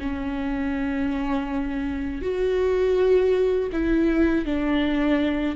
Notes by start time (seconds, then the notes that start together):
0.00 C#4
2.22 F#4
3.72 E4
4.45 D4